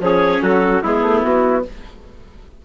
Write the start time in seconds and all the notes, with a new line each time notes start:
0.00 F3 C#4 G#4 C#5
0.43 F#3 F#4 A4
0.83 G#3 B3 E4 G#4
1.02 A3
1.22 B3 F#4